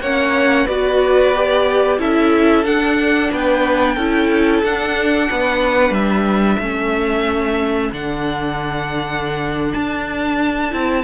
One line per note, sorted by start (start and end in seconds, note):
0.00 0.66 A#3
0.00 0.68 C#4
0.00 0.65 C#5
0.00 0.67 F#5
0.65 1.99 B3
0.65 1.34 F#4
0.65 1.97 B4
0.65 1.99 D5
1.34 1.98 G4
1.98 2.64 C#4
1.98 2.64 E4
1.98 3.31 A4
1.98 2.65 E5
2.64 3.30 D4
2.64 3.97 D4
2.64 3.31 F#5
3.31 3.97 B3
3.31 3.95 B4
3.31 4.64 G5
3.95 4.62 C#4
3.95 4.64 E4
3.95 5.27 A4
4.63 5.29 D4
4.63 6.62 D4
4.63 5.93 F#5
5.30 5.90 B3
5.30 6.59 B4
5.90 6.56 G3
5.90 7.91 E5
6.59 7.91 A3
6.59 7.93 C#4
6.59 11.04 A4
7.92 9.73 D3
7.92 10.70 D4
7.92 9.73 F#5
9.73 10.73 D4
9.73 11.04 A5
10.70 11.04 C4
10.70 11.03 E4